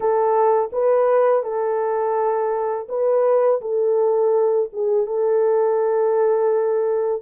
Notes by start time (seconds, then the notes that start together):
0.00 A4
0.72 B4
1.43 A4
2.88 B4
3.61 A4
4.72 G#4
5.06 A4